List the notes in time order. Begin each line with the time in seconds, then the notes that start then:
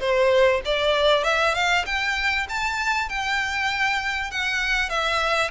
0.00 C5
0.65 D5
1.24 E5
1.54 F5
1.86 G5
2.49 A5
3.09 G5
4.31 F#5
4.89 E5